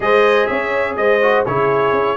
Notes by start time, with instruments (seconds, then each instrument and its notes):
0.00 tuba G#3, trombone G#4, horn C5, trumpet D#5
0.46 tuba C#4, horn C#5, trumpet E5
0.96 tuba G#3, horn C5, trumpet D#5
1.21 trombone F#4
1.45 tuba C#3, trombone E4, horn G#4, trumpet C#5
1.91 tuba C#4